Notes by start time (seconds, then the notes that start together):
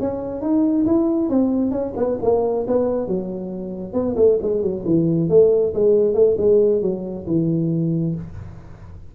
0.00 C#4
0.41 D#4
0.86 E4
1.29 C4
1.71 C#4
1.96 B3
2.22 A#3
2.67 B3
3.07 F#3
3.93 B3
4.16 A3
4.42 G#3
4.62 F#3
4.85 E3
5.29 A3
5.74 G#3
6.14 A3
6.37 G#3
6.81 F#3
7.27 E3